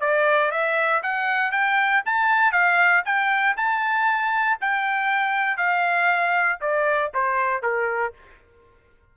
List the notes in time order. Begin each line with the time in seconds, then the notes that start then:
0.00 D5
0.51 E5
1.02 F#5
1.51 G5
2.05 A5
2.52 F5
3.05 G5
3.56 A5
4.60 G5
5.57 F5
6.61 D5
7.13 C5
7.62 A#4